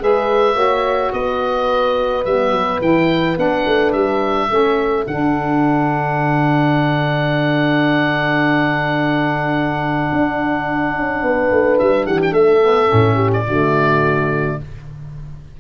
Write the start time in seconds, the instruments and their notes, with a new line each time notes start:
0.00 tuba G#3, saxophone G#4, horn B4, oboe E5
0.54 tuba A#3, saxophone F#4, horn C#5
1.13 tuba B3, horn B4, oboe D#5
2.25 tuba G3, saxophone B3, oboe E5
2.51 tuba F#3
2.81 tuba E3, saxophone E4, oboe G5
3.36 tuba B3, saxophone D4, oboe F#5
3.67 tuba A3
3.93 tuba G3, oboe E5
4.49 tuba A3, saxophone C#4, horn A4
5.07 tuba D3, saxophone D4, oboe F#5
10.12 tuba D4
10.96 tuba C#4
11.23 tuba B3, horn B4
11.51 tuba A3
11.79 tuba G3, oboe E5
12.06 tuba E3, horn G4, oboe F#5
12.23 oboe G5
12.32 tuba A3, horn A4, oboe E5
12.62 saxophone B3
12.88 tuba A2, saxophone C#4
13.15 horn G4
13.33 oboe D5
13.47 tuba D3, saxophone A3, horn F#4